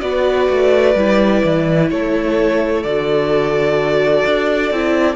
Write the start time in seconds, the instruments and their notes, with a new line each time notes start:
0.00 cello B3, viola F#4, violin B4 D5
0.49 cello A3
0.95 cello G3, viola E4
1.44 cello E3
1.90 cello A3, violin A4 C#5
2.83 cello D3, viola F#4, violin D5
4.25 cello D4
4.71 cello C4, viola E4